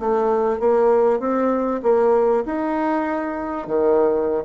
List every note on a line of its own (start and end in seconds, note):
0.00 0.60 A3
0.60 1.20 A#3
1.20 1.81 C4
1.83 2.44 A#3
2.46 3.68 D#4
3.68 4.44 D#3